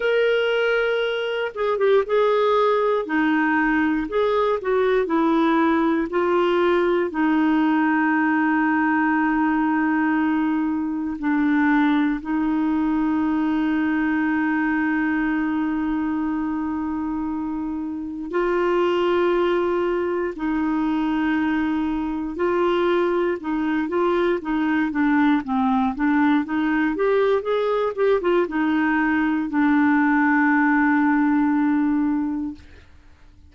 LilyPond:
\new Staff \with { instrumentName = "clarinet" } { \time 4/4 \tempo 4 = 59 ais'4. gis'16 g'16 gis'4 dis'4 | gis'8 fis'8 e'4 f'4 dis'4~ | dis'2. d'4 | dis'1~ |
dis'2 f'2 | dis'2 f'4 dis'8 f'8 | dis'8 d'8 c'8 d'8 dis'8 g'8 gis'8 g'16 f'16 | dis'4 d'2. | }